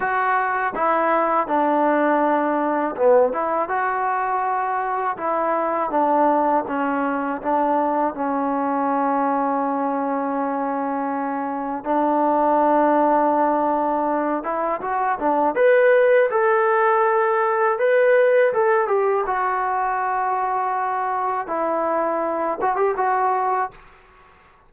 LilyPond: \new Staff \with { instrumentName = "trombone" } { \time 4/4 \tempo 4 = 81 fis'4 e'4 d'2 | b8 e'8 fis'2 e'4 | d'4 cis'4 d'4 cis'4~ | cis'1 |
d'2.~ d'8 e'8 | fis'8 d'8 b'4 a'2 | b'4 a'8 g'8 fis'2~ | fis'4 e'4. fis'16 g'16 fis'4 | }